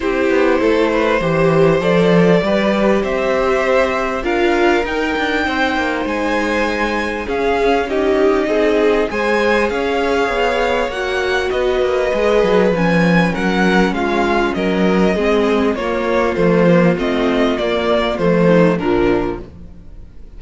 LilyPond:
<<
  \new Staff \with { instrumentName = "violin" } { \time 4/4 \tempo 4 = 99 c''2. d''4~ | d''4 e''2 f''4 | g''2 gis''2 | f''4 dis''2 gis''4 |
f''2 fis''4 dis''4~ | dis''4 gis''4 fis''4 f''4 | dis''2 cis''4 c''4 | dis''4 d''4 c''4 ais'4 | }
  \new Staff \with { instrumentName = "violin" } { \time 4/4 g'4 a'8 b'8 c''2 | b'4 c''2 ais'4~ | ais'4 c''2. | gis'4 g'4 gis'4 c''4 |
cis''2. b'4~ | b'2 ais'4 f'4 | ais'4 gis'4 f'2~ | f'2~ f'8 dis'8 d'4 | }
  \new Staff \with { instrumentName = "viola" } { \time 4/4 e'2 g'4 a'4 | g'2. f'4 | dis'1 | cis'4 dis'2 gis'4~ |
gis'2 fis'2 | gis'4 cis'2.~ | cis'4 c'4 ais4 a8 ais8 | c'4 ais4 a4 f4 | }
  \new Staff \with { instrumentName = "cello" } { \time 4/4 c'8 b8 a4 e4 f4 | g4 c'2 d'4 | dis'8 d'8 c'8 ais8 gis2 | cis'2 c'4 gis4 |
cis'4 b4 ais4 b8 ais8 | gis8 fis8 f4 fis4 gis4 | fis4 gis4 ais4 f4 | a4 ais4 f4 ais,4 | }
>>